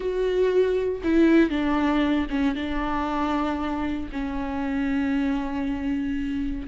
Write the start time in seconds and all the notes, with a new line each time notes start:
0.00 F#4
1.03 E4
1.49 D4
2.30 C#4
2.55 D4
4.12 C#4